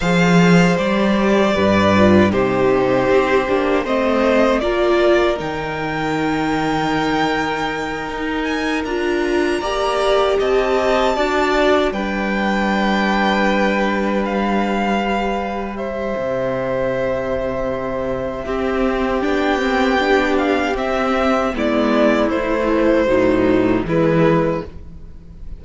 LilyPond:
<<
  \new Staff \with { instrumentName = "violin" } { \time 4/4 \tempo 4 = 78 f''4 d''2 c''4~ | c''4 dis''4 d''4 g''4~ | g''2. gis''8 ais''8~ | ais''4. a''2 g''8~ |
g''2~ g''8 f''4.~ | f''8 e''2.~ e''8~ | e''4 g''4. f''8 e''4 | d''4 c''2 b'4 | }
  \new Staff \with { instrumentName = "violin" } { \time 4/4 c''2 b'4 g'4~ | g'4 c''4 ais'2~ | ais'1~ | ais'8 d''4 dis''4 d''4 b'8~ |
b'1~ | b'8 c''2.~ c''8 | g'1 | e'2 dis'4 e'4 | }
  \new Staff \with { instrumentName = "viola" } { \time 4/4 gis'4 g'4. f'8 dis'4~ | dis'8 d'8 c'4 f'4 dis'4~ | dis'2.~ dis'8 f'8~ | f'8 g'2 fis'4 d'8~ |
d'2.~ d'8 g'8~ | g'1 | c'4 d'8 c'8 d'4 c'4 | b4 e4 fis4 gis4 | }
  \new Staff \with { instrumentName = "cello" } { \time 4/4 f4 g4 g,4 c4 | c'8 ais8 a4 ais4 dis4~ | dis2~ dis8 dis'4 d'8~ | d'8 ais4 c'4 d'4 g8~ |
g1~ | g4 c2. | c'4 b2 c'4 | gis4 a4 a,4 e4 | }
>>